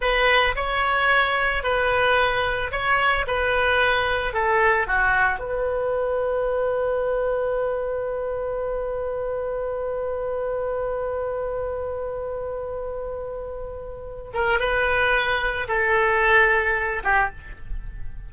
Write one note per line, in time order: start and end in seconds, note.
0.01 0.55 B4
0.55 1.63 C#5
1.63 2.71 B4
2.71 3.25 C#5
3.27 4.33 B4
4.33 4.87 A4
4.87 5.39 F#4
5.39 14.31 B4
14.33 14.59 A#4
14.59 15.67 B4
15.68 17.03 A4
17.03 17.30 G4